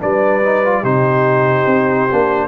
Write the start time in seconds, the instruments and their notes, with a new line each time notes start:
0.00 tuba G3, trombone D4, horn B4, trumpet D5
0.45 trombone D#4
0.65 trombone F4
0.82 tuba C3, trombone D#4, horn G4, trumpet C5
1.67 tuba C4
2.12 tuba A#3, trombone D4